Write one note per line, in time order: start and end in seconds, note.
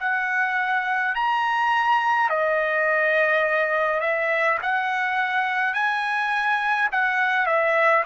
0.00 1.15 F#5
1.15 2.30 A#5
2.30 4.01 D#5
4.01 4.58 E5
4.63 5.74 F#5
5.74 6.90 G#5
6.92 7.47 F#5
7.47 8.05 E5